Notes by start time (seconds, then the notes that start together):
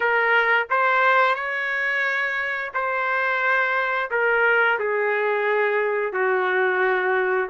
0.00 A#4
0.70 C5
1.35 C#5
2.74 C5
4.10 A#4
4.79 G#4
6.12 F#4